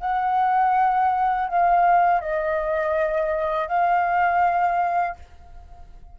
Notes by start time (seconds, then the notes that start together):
0.00 F#5
1.48 F5
2.20 D#5
3.67 F5